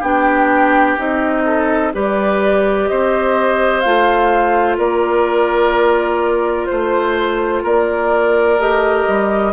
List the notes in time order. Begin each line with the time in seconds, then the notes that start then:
0.00 B3 D4 G4 G5
0.98 C4 D#4 D#5
1.45 A4
1.93 G3 G4 B4 D5
2.88 C4 C5 D#5
3.81 A3 F4 F5
4.78 A#3 A#4 D5
6.66 A3 C5
7.63 A#3 A#4 D5
8.60 A3 G4 D#5
9.08 G3